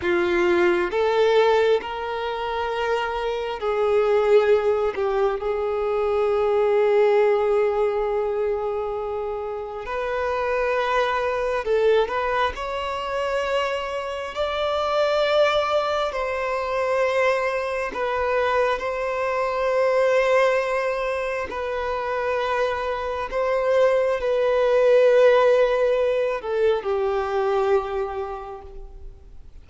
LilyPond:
\new Staff \with { instrumentName = "violin" } { \time 4/4 \tempo 4 = 67 f'4 a'4 ais'2 | gis'4. g'8 gis'2~ | gis'2. b'4~ | b'4 a'8 b'8 cis''2 |
d''2 c''2 | b'4 c''2. | b'2 c''4 b'4~ | b'4. a'8 g'2 | }